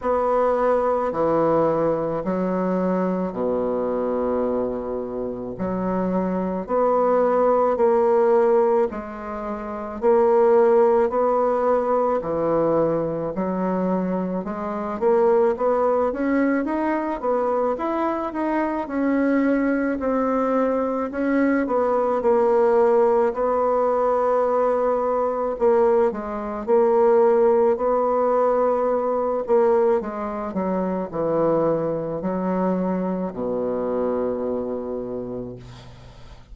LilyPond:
\new Staff \with { instrumentName = "bassoon" } { \time 4/4 \tempo 4 = 54 b4 e4 fis4 b,4~ | b,4 fis4 b4 ais4 | gis4 ais4 b4 e4 | fis4 gis8 ais8 b8 cis'8 dis'8 b8 |
e'8 dis'8 cis'4 c'4 cis'8 b8 | ais4 b2 ais8 gis8 | ais4 b4. ais8 gis8 fis8 | e4 fis4 b,2 | }